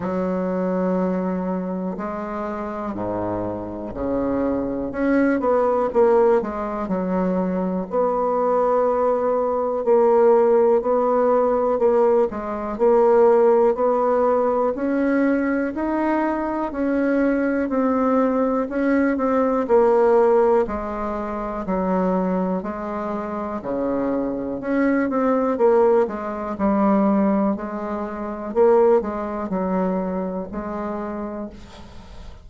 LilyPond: \new Staff \with { instrumentName = "bassoon" } { \time 4/4 \tempo 4 = 61 fis2 gis4 gis,4 | cis4 cis'8 b8 ais8 gis8 fis4 | b2 ais4 b4 | ais8 gis8 ais4 b4 cis'4 |
dis'4 cis'4 c'4 cis'8 c'8 | ais4 gis4 fis4 gis4 | cis4 cis'8 c'8 ais8 gis8 g4 | gis4 ais8 gis8 fis4 gis4 | }